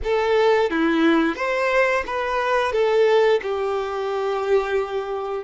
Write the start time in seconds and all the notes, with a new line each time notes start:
0.03 A4
0.70 E4
1.35 C5
2.06 B4
2.72 A4
3.42 G4